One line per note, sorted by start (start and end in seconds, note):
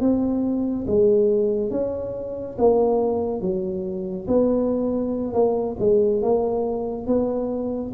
0.00 0.86 C4
0.87 1.71 G#3
1.71 2.56 C#4
2.58 3.41 A#3
3.41 4.27 F#3
4.27 5.33 B3
5.33 5.76 A#3
5.79 6.22 G#3
6.22 7.07 A#3
7.07 7.92 B3